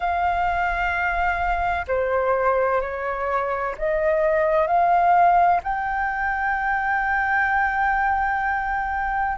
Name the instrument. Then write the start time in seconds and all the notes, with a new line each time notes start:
flute
0.00 F5
1.87 C5
2.81 C#5
3.78 D#5
4.67 F5
5.62 G5